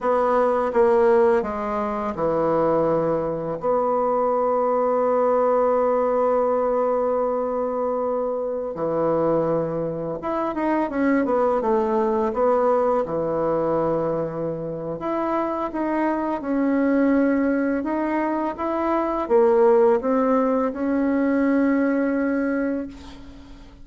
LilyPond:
\new Staff \with { instrumentName = "bassoon" } { \time 4/4 \tempo 4 = 84 b4 ais4 gis4 e4~ | e4 b2.~ | b1~ | b16 e2 e'8 dis'8 cis'8 b16~ |
b16 a4 b4 e4.~ e16~ | e4 e'4 dis'4 cis'4~ | cis'4 dis'4 e'4 ais4 | c'4 cis'2. | }